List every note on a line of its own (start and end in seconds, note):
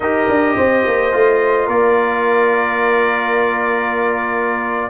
0.00 0.28 D#4
0.00 1.12 G4
0.00 0.55 A#4
0.00 1.68 D#5
0.28 0.56 D4
0.56 0.85 C4
0.56 1.66 C5
0.86 1.14 A#3
1.12 1.67 A3
1.12 4.89 F4
1.66 4.89 A#3
1.66 4.89 A#4
1.66 4.89 D5